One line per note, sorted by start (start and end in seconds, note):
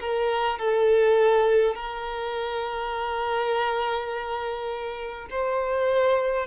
0.00 0.59 A#4
0.59 1.75 A4
1.75 5.28 A#4
5.30 6.47 C5